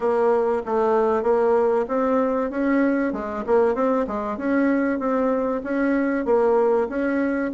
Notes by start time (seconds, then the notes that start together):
0.00 A#3
0.65 A3
1.22 A#3
1.88 C4
2.50 C#4
3.12 G#3
3.46 A#3
3.74 C4
4.07 G#3
4.37 C#4
4.99 C4
5.63 C#4
6.25 A#3
6.88 C#4